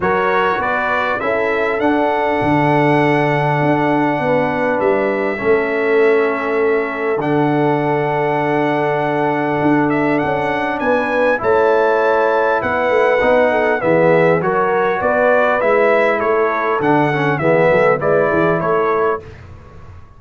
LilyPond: <<
  \new Staff \with { instrumentName = "trumpet" } { \time 4/4 \tempo 4 = 100 cis''4 d''4 e''4 fis''4~ | fis''1 | e''1 | fis''1~ |
fis''8 e''8 fis''4 gis''4 a''4~ | a''4 fis''2 e''4 | cis''4 d''4 e''4 cis''4 | fis''4 e''4 d''4 cis''4 | }
  \new Staff \with { instrumentName = "horn" } { \time 4/4 ais'4 b'4 a'2~ | a'2. b'4~ | b'4 a'2.~ | a'1~ |
a'2 b'4 cis''4~ | cis''4 b'4. a'8 gis'4 | ais'4 b'2 a'4~ | a'4 gis'8 a'8 b'8 gis'8 a'4 | }
  \new Staff \with { instrumentName = "trombone" } { \time 4/4 fis'2 e'4 d'4~ | d'1~ | d'4 cis'2. | d'1~ |
d'2. e'4~ | e'2 dis'4 b4 | fis'2 e'2 | d'8 cis'8 b4 e'2 | }
  \new Staff \with { instrumentName = "tuba" } { \time 4/4 fis4 b4 cis'4 d'4 | d2 d'4 b4 | g4 a2. | d1 |
d'4 cis'4 b4 a4~ | a4 b8 a8 b4 e4 | fis4 b4 gis4 a4 | d4 e8 fis8 gis8 e8 a4 | }
>>